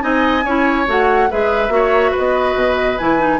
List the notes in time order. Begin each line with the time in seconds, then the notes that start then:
0.00 C4 D#4 D#5 G#5
0.44 C#4 E4 C#5
0.87 A3 F#4 F#5
1.30 G#3 G#4 B4 E5
1.69 A#3 F#4
1.75 C#5
2.11 B4 D#5
2.18 B3
2.55 B2
2.98 E3 E4 G#5
3.18 D#4